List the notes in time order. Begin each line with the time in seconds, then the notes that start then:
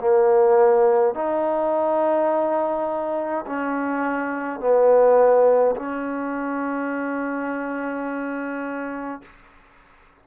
0.00 A#3
1.14 D#4
3.46 C#4
4.60 B3
5.76 C#4